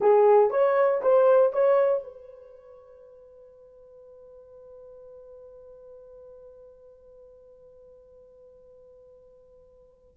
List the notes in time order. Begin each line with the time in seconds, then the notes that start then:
0.00 G#4
0.50 C#5
1.02 C5
1.53 C#5
2.03 B4